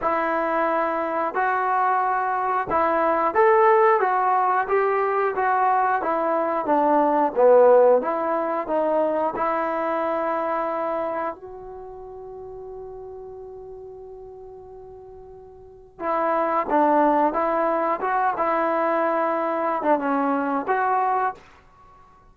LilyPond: \new Staff \with { instrumentName = "trombone" } { \time 4/4 \tempo 4 = 90 e'2 fis'2 | e'4 a'4 fis'4 g'4 | fis'4 e'4 d'4 b4 | e'4 dis'4 e'2~ |
e'4 fis'2.~ | fis'1 | e'4 d'4 e'4 fis'8 e'8~ | e'4.~ e'16 d'16 cis'4 fis'4 | }